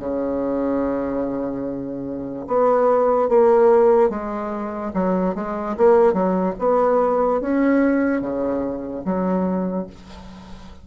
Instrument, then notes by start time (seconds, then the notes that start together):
bassoon
0.00 C#3
2.48 B3
3.30 A#3
4.10 G#3
4.94 F#3
5.35 G#3
5.78 A#3
6.13 F#3
6.59 B3
7.42 C#4
8.22 C#3
9.05 F#3